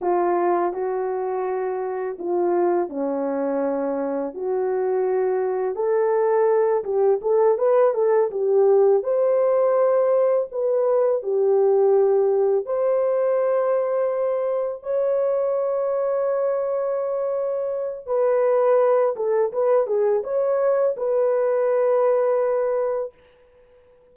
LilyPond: \new Staff \with { instrumentName = "horn" } { \time 4/4 \tempo 4 = 83 f'4 fis'2 f'4 | cis'2 fis'2 | a'4. g'8 a'8 b'8 a'8 g'8~ | g'8 c''2 b'4 g'8~ |
g'4. c''2~ c''8~ | c''8 cis''2.~ cis''8~ | cis''4 b'4. a'8 b'8 gis'8 | cis''4 b'2. | }